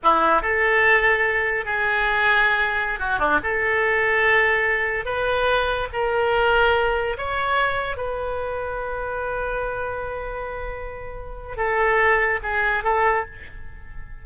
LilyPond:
\new Staff \with { instrumentName = "oboe" } { \time 4/4 \tempo 4 = 145 e'4 a'2. | gis'2.~ gis'16 fis'8 d'16~ | d'16 a'2.~ a'8.~ | a'16 b'2 ais'4.~ ais'16~ |
ais'4~ ais'16 cis''2 b'8.~ | b'1~ | b'1 | a'2 gis'4 a'4 | }